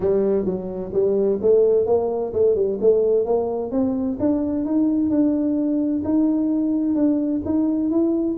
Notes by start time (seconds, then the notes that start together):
0.00 G3
0.45 F#3
0.93 G3
1.41 A3
1.86 A#3
2.33 A3
2.55 G3
2.80 A3
3.25 A#3
3.71 C4
4.19 D4
4.65 D#4
5.10 D4
6.04 D#4
6.95 D4
7.45 D#4
7.90 E4